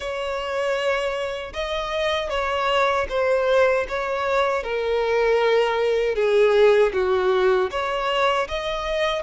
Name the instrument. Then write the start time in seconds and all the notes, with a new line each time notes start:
violin
0.00 C#5
1.53 D#5
2.29 C#5
3.09 C5
3.88 C#5
4.63 A#4
6.15 G#4
6.93 F#4
7.70 C#5
8.48 D#5